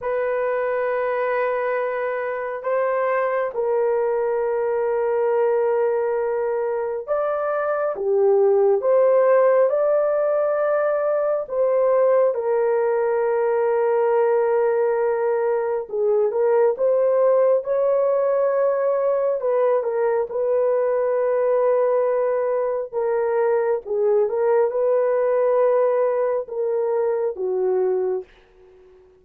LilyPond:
\new Staff \with { instrumentName = "horn" } { \time 4/4 \tempo 4 = 68 b'2. c''4 | ais'1 | d''4 g'4 c''4 d''4~ | d''4 c''4 ais'2~ |
ais'2 gis'8 ais'8 c''4 | cis''2 b'8 ais'8 b'4~ | b'2 ais'4 gis'8 ais'8 | b'2 ais'4 fis'4 | }